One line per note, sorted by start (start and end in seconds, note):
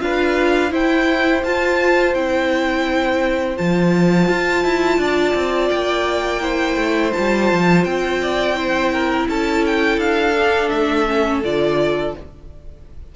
0.00 0.72 D4
0.00 0.70 F4
0.00 0.71 B4
0.00 0.72 F5
0.70 1.41 E4
0.70 1.43 E4
0.70 4.99 C5
0.70 1.44 G5
1.43 2.14 F4
1.43 2.15 F4
1.43 2.14 A5
2.14 3.57 C4
2.14 3.57 E4
2.14 3.57 G5
3.57 4.28 F3
3.57 6.41 F4
3.57 5.69 A5
4.28 4.64 F4
4.64 4.98 E4
4.98 5.34 D4
4.98 6.42 D5
5.34 5.70 C4
5.69 6.76 A#3
5.69 7.12 G5
6.41 7.12 E4
6.41 8.20 C5
6.76 7.12 A3
7.13 7.52 G3
7.13 8.55 F4
7.13 7.84 A5
7.52 7.84 F3
7.84 9.27 C4
7.84 9.27 G5
8.22 8.56 D5
8.55 10.33 E4
8.55 8.92 C5
8.92 9.28 A#4
9.28 9.97 C#4
9.28 12.15 A4
9.28 9.65 A5
9.65 10.00 G5
9.97 10.69 D4
9.97 10.69 F5
10.38 11.06 D4
10.69 11.43 A3
10.69 11.41 E5
11.06 11.42 C#4
11.43 12.15 D3
11.43 12.15 F4
11.43 12.15 D5